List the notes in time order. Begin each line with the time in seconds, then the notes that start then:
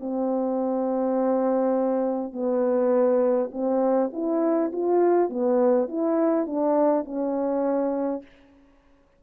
0.00 C4
2.33 B3
3.52 C4
4.13 E4
4.73 F4
5.30 B3
5.89 E4
6.47 D4
7.05 C#4